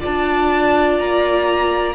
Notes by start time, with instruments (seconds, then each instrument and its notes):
0.00 cello D4, viola F4, violin D5 A5
0.98 cello A#3, violin A#5